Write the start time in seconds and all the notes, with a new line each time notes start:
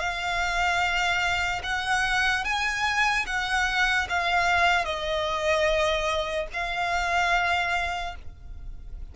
0.00 F5
1.64 F#5
2.45 G#5
3.27 F#5
4.09 F5
4.85 D#5
6.53 F5